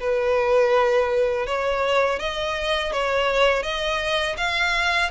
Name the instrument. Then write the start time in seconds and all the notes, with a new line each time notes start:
violin
0.00 B4
1.46 C#5
2.19 D#5
2.92 C#5
3.63 D#5
4.37 F5